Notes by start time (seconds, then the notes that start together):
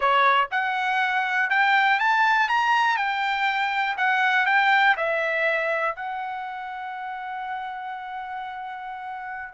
0.00 C#5
0.51 F#5
1.50 G5
1.99 A5
2.48 A#5
2.97 G5
3.97 F#5
4.46 G5
4.96 E5
5.95 F#5